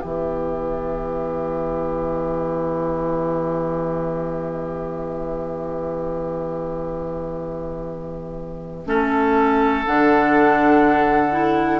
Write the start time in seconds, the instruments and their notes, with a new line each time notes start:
0.00 bassoon E3, clarinet B3, oboe G4, flute E5
8.86 bassoon A3, clarinet C#4, oboe A4
9.85 bassoon D3, clarinet D4, flute F#5
11.31 clarinet E4